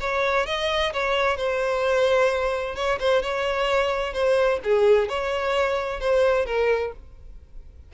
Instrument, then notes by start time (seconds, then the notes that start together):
violin
0.00 C#5
0.46 D#5
0.93 C#5
1.37 C5
2.76 C#5
3.00 C5
3.22 C#5
4.13 C5
4.64 G#4
5.09 C#5
6.00 C5
6.46 A#4